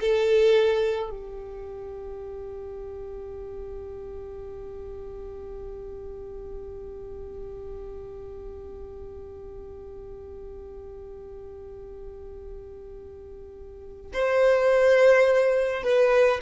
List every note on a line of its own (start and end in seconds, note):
0.00 1.10 A4
1.10 14.11 G4
14.13 15.83 C5
15.83 16.39 B4